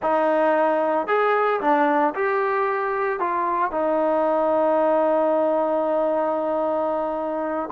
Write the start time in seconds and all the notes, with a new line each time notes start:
0.02 D#4
1.07 G#4
1.60 D4
2.15 G4
3.19 F4
3.71 D#4